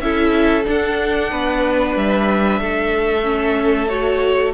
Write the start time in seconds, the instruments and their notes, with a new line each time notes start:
0.00 cello C#4, viola E4, violin A4 E5
0.65 viola D4, cello D4, violin F#5
1.32 cello B3, violin B4
1.96 cello G3, violin E5
2.60 cello A3, violin A4
3.23 viola C#4
3.89 viola F#4, violin C#5